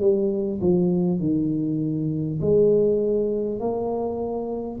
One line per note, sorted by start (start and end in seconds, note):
0.00 0.60 G3
0.61 1.19 F3
1.19 2.39 D#3
2.41 3.59 G#3
3.59 4.79 A#3